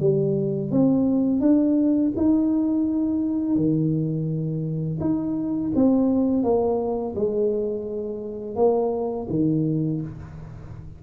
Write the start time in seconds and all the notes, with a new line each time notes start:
0.00 G3
0.71 C4
1.41 D4
2.16 D#4
3.56 D#3
5.00 D#4
5.75 C4
6.43 A#3
7.16 G#3
8.56 A#3
9.30 D#3